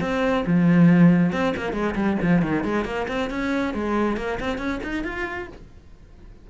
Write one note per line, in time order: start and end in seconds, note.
0.00 0.44 C4
0.46 1.32 F3
1.32 1.54 C4
1.56 1.73 A#3
1.73 1.94 G#3
1.95 2.17 G3
2.22 2.42 F3
2.42 2.64 D#3
2.64 2.84 G#3
2.84 3.06 A#3
3.08 3.30 C4
3.30 3.73 C#4
3.73 4.16 G#3
4.16 4.38 A#3
4.40 4.57 C4
4.57 4.79 C#4
4.83 5.04 D#4
5.04 5.47 F4